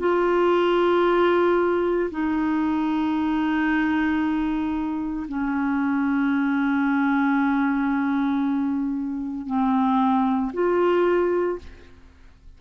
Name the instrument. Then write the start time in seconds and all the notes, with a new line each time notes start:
clarinet
0.00 F4
2.11 D#4
5.29 C#4
9.47 C4
10.54 F4